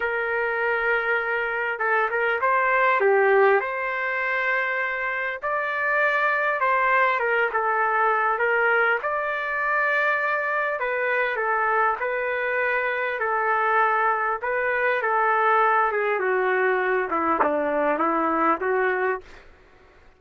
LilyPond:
\new Staff \with { instrumentName = "trumpet" } { \time 4/4 \tempo 4 = 100 ais'2. a'8 ais'8 | c''4 g'4 c''2~ | c''4 d''2 c''4 | ais'8 a'4. ais'4 d''4~ |
d''2 b'4 a'4 | b'2 a'2 | b'4 a'4. gis'8 fis'4~ | fis'8 e'8 d'4 e'4 fis'4 | }